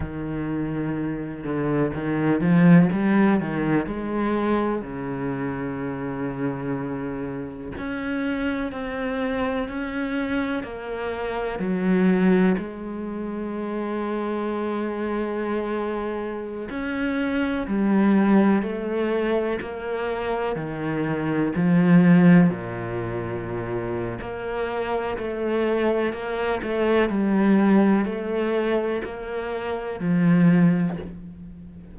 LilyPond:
\new Staff \with { instrumentName = "cello" } { \time 4/4 \tempo 4 = 62 dis4. d8 dis8 f8 g8 dis8 | gis4 cis2. | cis'4 c'4 cis'4 ais4 | fis4 gis2.~ |
gis4~ gis16 cis'4 g4 a8.~ | a16 ais4 dis4 f4 ais,8.~ | ais,4 ais4 a4 ais8 a8 | g4 a4 ais4 f4 | }